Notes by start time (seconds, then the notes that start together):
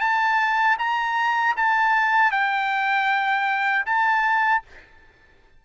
0.00 A5
0.78 A#5
1.56 A5
2.31 G5
3.85 A5